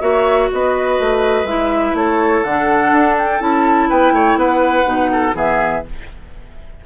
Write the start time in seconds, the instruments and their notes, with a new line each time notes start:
0.00 bassoon A#3, clarinet F#4, oboe C#5, flute E5
0.52 bassoon B3, oboe B4, flute D#5
0.99 bassoon A3
1.44 bassoon G#3, clarinet E4, flute E5
1.94 bassoon A3, oboe A4, flute C#5
2.43 bassoon D3, clarinet D4, flute F#5
2.92 bassoon D4
3.18 flute G5
3.39 bassoon C#4, clarinet E4, flute A5
3.89 bassoon B3, oboe B4, flute G5
4.12 bassoon A3, oboe C#5
4.35 bassoon B3, oboe B4, flute F#5
4.84 bassoon B2, clarinet D#4
5.12 oboe A4
5.34 bassoon E3, clarinet B3, oboe G#4, flute E5